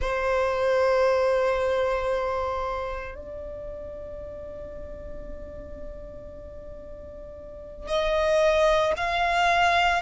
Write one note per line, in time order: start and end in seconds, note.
0.01 3.14 C5
3.14 7.87 D5
7.87 8.92 D#5
8.96 10.01 F5